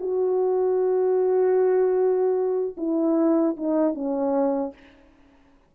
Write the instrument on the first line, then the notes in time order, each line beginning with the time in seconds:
horn
0.00 F#4
2.78 E4
3.57 D#4
3.95 C#4